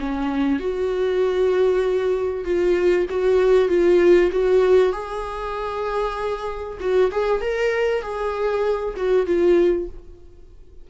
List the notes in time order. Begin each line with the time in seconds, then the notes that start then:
0.00 C#4
0.60 F#4
2.45 F4
3.10 F#4
3.69 F4
4.32 F#4
4.93 G#4
6.80 F#4
7.12 G#4
7.41 A#4
8.02 G#4
8.97 F#4
9.26 F4